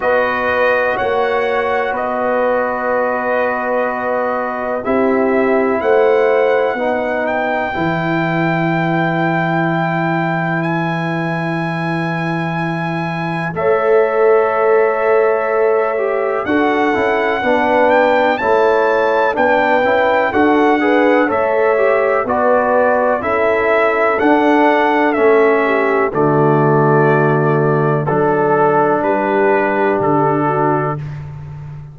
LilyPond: <<
  \new Staff \with { instrumentName = "trumpet" } { \time 4/4 \tempo 4 = 62 dis''4 fis''4 dis''2~ | dis''4 e''4 fis''4. g''8~ | g''2. gis''4~ | gis''2 e''2~ |
e''4 fis''4. g''8 a''4 | g''4 fis''4 e''4 d''4 | e''4 fis''4 e''4 d''4~ | d''4 a'4 b'4 a'4 | }
  \new Staff \with { instrumentName = "horn" } { \time 4/4 b'4 cis''4 b'2~ | b'4 g'4 c''4 b'4~ | b'1~ | b'2 cis''2~ |
cis''4 a'4 b'4 cis''4 | b'4 a'8 b'8 cis''4 b'4 | a'2~ a'8 g'8 fis'4~ | fis'4 a'4 g'4. fis'8 | }
  \new Staff \with { instrumentName = "trombone" } { \time 4/4 fis'1~ | fis'4 e'2 dis'4 | e'1~ | e'2 a'2~ |
a'8 g'8 fis'8 e'8 d'4 e'4 | d'8 e'8 fis'8 gis'8 a'8 g'8 fis'4 | e'4 d'4 cis'4 a4~ | a4 d'2. | }
  \new Staff \with { instrumentName = "tuba" } { \time 4/4 b4 ais4 b2~ | b4 c'4 a4 b4 | e1~ | e2 a2~ |
a4 d'8 cis'8 b4 a4 | b8 cis'8 d'4 a4 b4 | cis'4 d'4 a4 d4~ | d4 fis4 g4 d4 | }
>>